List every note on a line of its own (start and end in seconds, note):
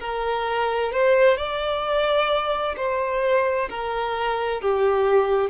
0.00 0.92 A#4
0.93 1.37 C5
1.37 2.76 D5
2.77 3.69 C5
3.70 4.62 A#4
4.62 5.50 G4